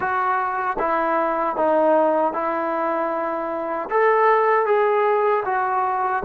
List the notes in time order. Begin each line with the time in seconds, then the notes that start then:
0.00 F#4
0.79 E4
1.56 D#4
2.33 E4
3.90 A4
4.65 G#4
5.45 F#4